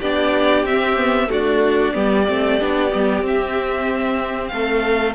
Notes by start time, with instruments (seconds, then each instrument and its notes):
0.00 cello B3, viola D4, violin G4 D5
0.64 cello C4, viola C4, violin E5
0.97 viola B3
1.28 viola A3, cello D4, violin F#4 D5
1.93 cello G3, viola B3, violin G4
2.28 cello A3, viola C4
2.60 cello B3, viola D4
2.90 cello G3, viola B3
3.22 viola C4, cello C4, violin E5
4.48 cello A3, violin A4 F5